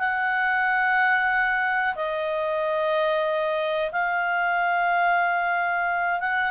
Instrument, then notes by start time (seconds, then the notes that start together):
clarinet
0.00 F#5
1.96 D#5
3.92 F5
6.20 F#5